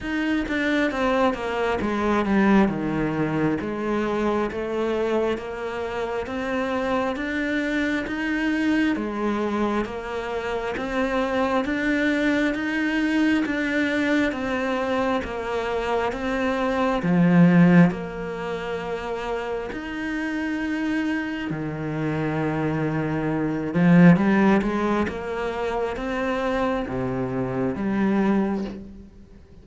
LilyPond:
\new Staff \with { instrumentName = "cello" } { \time 4/4 \tempo 4 = 67 dis'8 d'8 c'8 ais8 gis8 g8 dis4 | gis4 a4 ais4 c'4 | d'4 dis'4 gis4 ais4 | c'4 d'4 dis'4 d'4 |
c'4 ais4 c'4 f4 | ais2 dis'2 | dis2~ dis8 f8 g8 gis8 | ais4 c'4 c4 g4 | }